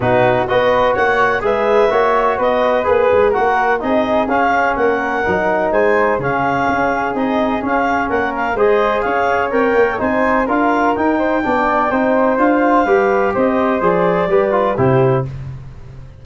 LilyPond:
<<
  \new Staff \with { instrumentName = "clarinet" } { \time 4/4 \tempo 4 = 126 b'4 dis''4 fis''4 e''4~ | e''4 dis''4 b'4 fis''4 | dis''4 f''4 fis''2 | gis''4 f''2 dis''4 |
f''4 fis''8 f''8 dis''4 f''4 | g''4 gis''4 f''4 g''4~ | g''2 f''2 | dis''4 d''2 c''4 | }
  \new Staff \with { instrumentName = "flute" } { \time 4/4 fis'4 b'4 cis''4 b'4 | cis''4 b'2 ais'4 | gis'2 ais'2 | c''4 gis'2.~ |
gis'4 ais'4 c''4 cis''4~ | cis''4 c''4 ais'4. c''8 | d''4 c''2 b'4 | c''2 b'4 g'4 | }
  \new Staff \with { instrumentName = "trombone" } { \time 4/4 dis'4 fis'2 gis'4 | fis'2 gis'4 fis'4 | dis'4 cis'2 dis'4~ | dis'4 cis'2 dis'4 |
cis'2 gis'2 | ais'4 dis'4 f'4 dis'4 | d'4 dis'4 f'4 g'4~ | g'4 gis'4 g'8 f'8 e'4 | }
  \new Staff \with { instrumentName = "tuba" } { \time 4/4 b,4 b4 ais4 gis4 | ais4 b4 ais8 gis8 ais4 | c'4 cis'4 ais4 fis4 | gis4 cis4 cis'4 c'4 |
cis'4 ais4 gis4 cis'4 | c'8 ais8 c'4 d'4 dis'4 | b4 c'4 d'4 g4 | c'4 f4 g4 c4 | }
>>